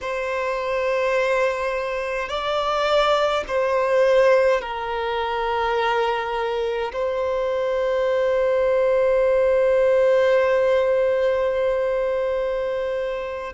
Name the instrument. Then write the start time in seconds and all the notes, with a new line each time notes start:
violin
0.01 C5
2.28 D5
3.47 C5
4.61 A#4
6.92 C5